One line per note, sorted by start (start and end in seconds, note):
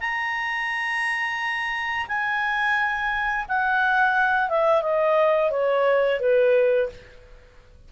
0.00 2.07 A#5
2.08 3.46 G#5
3.48 4.50 F#5
4.50 4.82 E5
4.82 5.51 D#5
5.51 6.20 C#5
6.20 6.89 B4